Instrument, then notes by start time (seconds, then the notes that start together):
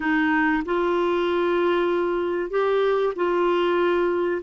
clarinet
0.00 D#4
0.65 F4
2.50 G4
3.15 F4